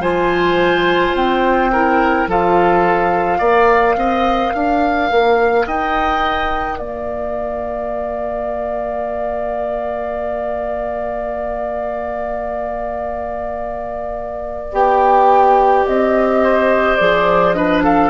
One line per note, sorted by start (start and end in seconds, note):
0.00 1.13 F3
0.00 1.71 F4
0.00 1.71 C5
0.00 1.15 G#5
1.15 2.28 C4
1.15 2.29 G5
1.73 2.29 E4
1.73 2.29 A#4
2.28 3.40 F3
2.28 3.42 F4
2.28 3.39 A4
2.28 5.67 F5
3.39 3.96 A#3
3.39 14.73 A#4
3.39 3.95 D5
3.96 4.53 C4
3.96 4.54 D#5
4.54 5.11 D4
4.54 5.67 F5
5.11 5.67 A#3
5.67 6.80 D#4
5.67 6.79 D#5
5.67 6.79 G5
6.79 14.72 A#3
6.79 16.41 D5
6.79 14.71 F5
14.72 15.85 B3
14.72 16.99 G4
14.72 15.87 G5
15.87 17.00 C4
15.87 16.96 D#5
16.44 17.57 C5
16.96 18.10 F3
16.96 17.55 G#4
16.96 17.53 D5
17.53 18.10 D4
17.53 17.84 B4
17.53 17.81 D#5
17.84 18.10 A4
17.84 18.10 F5